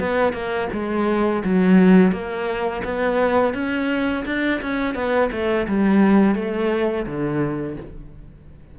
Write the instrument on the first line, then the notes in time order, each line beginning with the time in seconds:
cello
0.00 B3
0.33 A#3
0.73 G#3
1.45 F#3
2.12 A#3
2.85 B3
3.54 C#4
4.26 D4
4.61 C#4
4.95 B3
5.32 A3
5.68 G3
6.35 A3
7.06 D3